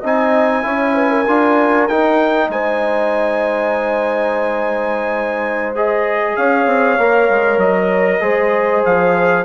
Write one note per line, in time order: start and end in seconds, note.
0.00 0.65 C4
0.00 0.63 D#4
0.00 0.62 D#5
0.00 1.88 G#5
0.63 1.26 C#4
0.63 1.25 E4
0.63 0.95 C#5
0.95 1.10 B4
1.10 2.49 A#4
1.27 1.89 D4
1.27 1.89 F4
1.88 2.49 D#4
1.88 5.76 D#4
1.88 2.50 G5
2.49 6.36 G#3
2.49 6.37 C5
2.49 5.76 G#5
5.76 6.99 G#4
5.76 6.36 D#5
6.36 6.66 C#4
6.36 8.23 C#5
6.36 7.60 F5
6.66 6.97 C4
6.98 7.29 A#3
6.98 8.21 A#4
7.30 7.58 G#3
7.58 8.20 F#3
7.58 8.84 D#5
8.21 8.83 G#3
8.21 9.44 G#4
8.21 9.45 C5
8.85 9.45 F3
8.85 9.45 F5